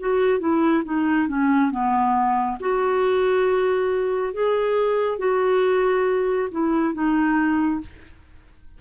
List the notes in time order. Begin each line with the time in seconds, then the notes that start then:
0.00 F#4
0.40 E4
0.85 D#4
1.28 C#4
1.71 B3
2.60 F#4
4.34 G#4
5.19 F#4
6.51 E4
6.94 D#4